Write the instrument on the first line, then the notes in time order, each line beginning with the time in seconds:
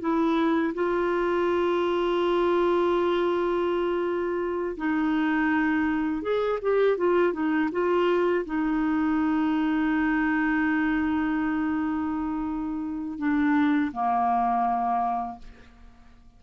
clarinet
0.00 E4
0.74 F4
4.77 D#4
6.22 G#4
6.62 G4
6.97 F4
7.33 D#4
7.71 F4
8.45 D#4
13.18 D4
13.92 A#3